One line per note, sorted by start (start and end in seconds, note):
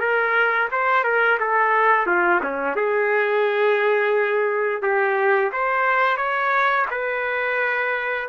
0.00 0.69 A#4
0.71 1.04 C5
1.04 1.39 A#4
1.40 2.07 A4
2.07 2.41 F4
2.43 2.76 C#4
2.76 4.82 G#4
4.82 5.51 G4
5.52 6.17 C5
6.17 6.86 C#5
6.91 8.29 B4